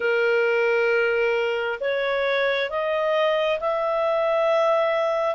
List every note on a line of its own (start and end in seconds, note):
0.00 1.79 A#4
1.80 2.69 C#5
2.70 3.59 D#5
3.60 5.35 E5